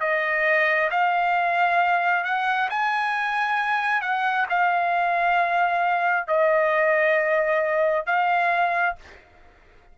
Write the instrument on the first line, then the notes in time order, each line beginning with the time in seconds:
trumpet
0.00 D#5
0.90 F5
2.24 F#5
2.69 G#5
4.01 F#5
4.49 F5
6.27 D#5
8.06 F5